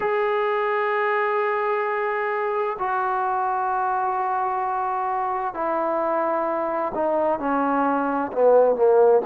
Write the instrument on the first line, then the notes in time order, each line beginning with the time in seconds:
trombone
0.00 G#4
2.79 F#4
5.53 E4
6.94 D#4
7.39 C#4
8.32 B3
8.75 A#3